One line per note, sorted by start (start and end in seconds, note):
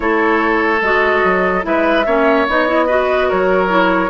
0.00 0.81 A3
0.00 0.78 E4
0.00 1.66 A4
0.00 0.81 C#5
0.81 1.22 G#3
0.81 1.62 F#4
0.81 1.64 D#5
1.23 1.65 F#3
1.62 2.06 G#3
1.62 2.03 E4
1.62 2.06 B4
1.62 2.47 E5
2.06 2.47 A#3
2.06 2.47 C#4
2.06 2.86 C#5
2.47 3.30 B3
2.47 2.67 D#4
2.47 3.30 D#5
2.67 2.88 E4
2.86 3.68 F#4
2.86 3.27 B4
3.28 4.09 F#3
3.28 4.09 A#4
3.28 4.09 C#5
3.68 4.09 E4